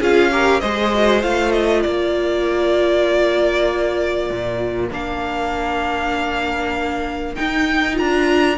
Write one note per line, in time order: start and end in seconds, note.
0.00 0.62 C#4
0.00 0.32 F4
0.00 0.31 G#4
0.00 0.61 F5
0.32 0.62 G4
0.32 0.62 A#4
0.61 1.24 G#3
0.61 0.93 G#4
0.61 1.84 C5
0.61 1.22 D#5
0.94 1.23 F#4
1.23 1.85 A3
1.23 4.90 F4
1.23 1.52 F5
1.52 1.83 D#5
1.83 4.30 A#3
1.83 8.57 A#4
1.83 4.89 D5
4.30 4.92 A#2
4.92 7.37 A#3
4.92 7.36 D4
4.92 7.35 F5
7.35 7.95 D#4
7.35 8.01 D#4
7.35 7.97 G5
7.95 8.56 F4
7.95 8.58 A#5
8.01 8.58 D4